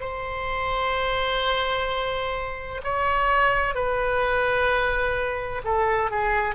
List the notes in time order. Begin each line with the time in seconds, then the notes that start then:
0.00 C5
2.83 C#5
3.74 B4
5.64 A4
6.10 G#4